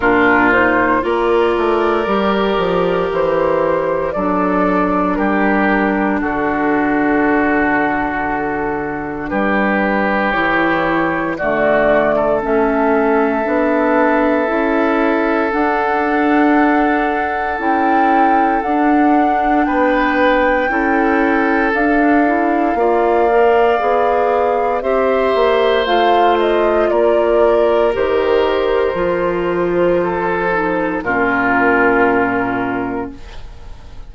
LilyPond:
<<
  \new Staff \with { instrumentName = "flute" } { \time 4/4 \tempo 4 = 58 ais'8 c''8 d''2 c''4 | d''4 ais'4 a'2~ | a'4 b'4 cis''4 d''4 | e''2. fis''4~ |
fis''4 g''4 fis''4 g''4~ | g''4 f''2. | e''4 f''8 dis''8 d''4 c''4~ | c''2 ais'2 | }
  \new Staff \with { instrumentName = "oboe" } { \time 4/4 f'4 ais'2. | a'4 g'4 fis'2~ | fis'4 g'2 fis'8. a'16~ | a'1~ |
a'2. b'4 | a'2 d''2 | c''2 ais'2~ | ais'4 a'4 f'2 | }
  \new Staff \with { instrumentName = "clarinet" } { \time 4/4 d'8 dis'8 f'4 g'2 | d'1~ | d'2 e'4 a4 | cis'4 d'4 e'4 d'4~ |
d'4 e'4 d'2 | e'4 d'8 e'8 f'8 ais'8 gis'4 | g'4 f'2 g'4 | f'4. dis'8 cis'2 | }
  \new Staff \with { instrumentName = "bassoon" } { \time 4/4 ais,4 ais8 a8 g8 f8 e4 | fis4 g4 d2~ | d4 g4 e4 d4 | a4 b4 cis'4 d'4~ |
d'4 cis'4 d'4 b4 | cis'4 d'4 ais4 b4 | c'8 ais8 a4 ais4 dis4 | f2 ais,2 | }
>>